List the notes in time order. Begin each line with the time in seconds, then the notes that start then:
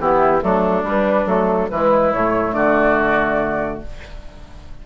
0.00 E3 B3 E4 G4
0.41 F#3 A3 D4 A4
0.83 G3 B4
1.26 F#3 A3 A4
1.70 E3 G#3 E4 B4
2.12 A2 A3 C#5
2.52 D3 F#4 D5